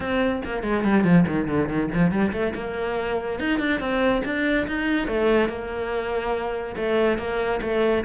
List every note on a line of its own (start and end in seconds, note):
0.00 0.42 C4
0.45 0.62 A#3
0.62 0.83 G#3
0.84 1.04 G3
1.04 1.25 F3
1.27 1.48 D#3
1.48 1.68 D3
1.68 1.89 D#3
1.93 2.11 F3
2.11 2.32 G3
2.32 2.53 A3
2.55 3.39 A#3
3.39 3.59 D#4
3.59 3.80 D4
3.80 4.22 C4
4.24 4.67 D4
4.67 5.07 D#4
5.07 5.48 A3
5.48 6.75 A#3
6.76 7.18 A3
7.18 7.60 A#3
7.61 8.04 A3